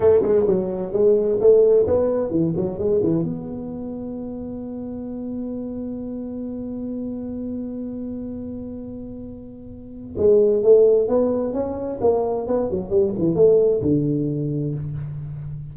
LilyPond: \new Staff \with { instrumentName = "tuba" } { \time 4/4 \tempo 4 = 130 a8 gis8 fis4 gis4 a4 | b4 e8 fis8 gis8 e8 b4~ | b1~ | b1~ |
b1~ | b2 gis4 a4 | b4 cis'4 ais4 b8 fis8 | g8 e8 a4 d2 | }